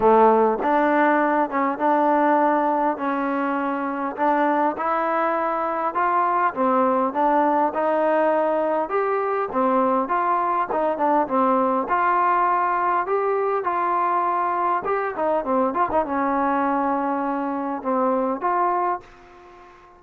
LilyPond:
\new Staff \with { instrumentName = "trombone" } { \time 4/4 \tempo 4 = 101 a4 d'4. cis'8 d'4~ | d'4 cis'2 d'4 | e'2 f'4 c'4 | d'4 dis'2 g'4 |
c'4 f'4 dis'8 d'8 c'4 | f'2 g'4 f'4~ | f'4 g'8 dis'8 c'8 f'16 dis'16 cis'4~ | cis'2 c'4 f'4 | }